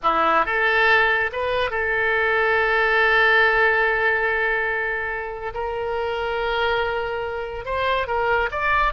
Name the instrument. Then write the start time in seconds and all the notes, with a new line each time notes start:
oboe
0.03 E4
0.45 A4
1.32 B4
1.70 A4
5.54 A#4
7.65 C5
8.07 A#4
8.51 D5